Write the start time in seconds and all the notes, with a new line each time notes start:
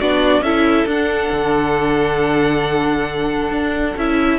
0.00 B3 D4 F#4 D5
0.40 C#4 E4 A4 E5
0.85 D4 F#5
1.32 D3
3.51 D4
3.96 C#4 E4 E5